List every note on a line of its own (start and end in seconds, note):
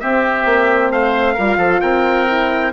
0.00 1.38 C4
0.00 0.45 C4
0.00 0.93 G4
0.00 0.91 E5
0.45 0.90 A#3
0.90 1.36 A3
0.90 1.34 C5
0.90 1.81 F5
1.34 1.58 G3
1.34 2.27 F4
1.34 1.57 A#4
1.58 1.80 F3
1.58 1.80 A4
1.81 2.73 C4
1.81 2.73 A#4
1.81 2.72 G5
2.27 2.73 E4